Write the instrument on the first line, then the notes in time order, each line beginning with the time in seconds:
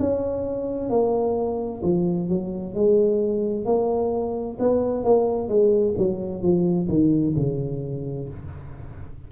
tuba
0.00 C#4
0.90 A#3
1.83 F3
2.29 F#3
2.74 G#3
3.65 A#3
4.59 B3
5.04 A#3
5.48 G#3
5.97 F#3
6.42 F3
6.89 D#3
7.36 C#3